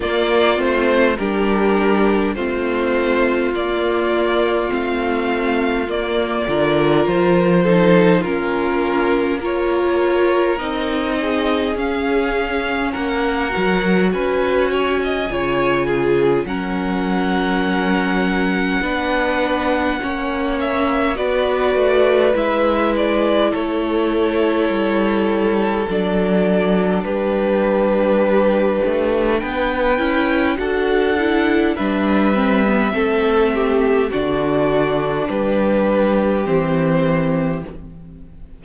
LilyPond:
<<
  \new Staff \with { instrumentName = "violin" } { \time 4/4 \tempo 4 = 51 d''8 c''8 ais'4 c''4 d''4 | f''4 d''4 c''4 ais'4 | cis''4 dis''4 f''4 fis''4 | gis''2 fis''2~ |
fis''4. e''8 d''4 e''8 d''8 | cis''2 d''4 b'4~ | b'4 g''4 fis''4 e''4~ | e''4 d''4 b'4 c''4 | }
  \new Staff \with { instrumentName = "violin" } { \time 4/4 f'4 g'4 f'2~ | f'4. ais'4 a'8 f'4 | ais'4. gis'4. ais'4 | b'8 cis''16 dis''16 cis''8 gis'8 ais'2 |
b'4 cis''4 b'2 | a'2. g'4~ | g'4 b'4 a'4 b'4 | a'8 g'8 fis'4 g'2 | }
  \new Staff \with { instrumentName = "viola" } { \time 4/4 ais8 c'8 d'4 c'4 ais4 | c'4 ais8 f'4 dis'8 cis'4 | f'4 dis'4 cis'4. fis'8~ | fis'4 f'4 cis'2 |
d'4 cis'4 fis'4 e'4~ | e'2 d'2~ | d'4. e'8 fis'8 e'8 d'8 c'16 b16 | c'4 d'2 c'4 | }
  \new Staff \with { instrumentName = "cello" } { \time 4/4 ais8 a8 g4 a4 ais4 | a4 ais8 d8 f4 ais4~ | ais4 c'4 cis'4 ais8 fis8 | cis'4 cis4 fis2 |
b4 ais4 b8 a8 gis4 | a4 g4 fis4 g4~ | g8 a8 b8 cis'8 d'4 g4 | a4 d4 g4 e4 | }
>>